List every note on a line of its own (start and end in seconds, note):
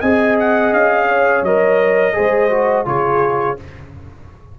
0.00 0.72 C4
0.00 1.46 G#4
0.00 1.07 D#5
0.00 0.36 G#5
0.40 0.73 F#5
0.72 1.42 C#4
0.72 1.44 F5
1.09 2.16 C#5
1.42 2.14 F#3
1.42 2.13 A#4
1.42 2.87 D#5
2.13 2.86 G#3
2.13 2.49 G#4
2.13 2.87 C5
2.50 2.85 F#4
2.85 3.57 C#3
2.85 3.57 F4
2.85 3.59 G#4
2.85 3.58 C#5